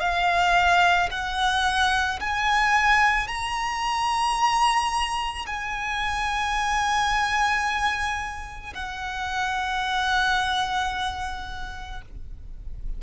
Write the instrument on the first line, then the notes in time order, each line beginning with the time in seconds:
violin
0.00 F5
1.11 F#5
2.20 G#5
3.28 A#5
5.46 G#5
8.74 F#5